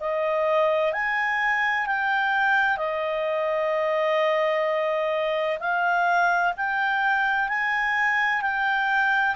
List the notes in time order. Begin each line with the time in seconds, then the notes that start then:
0.00 D#5
0.93 G#5
1.87 G5
2.77 D#5
5.60 F5
6.57 G5
7.49 G#5
8.42 G5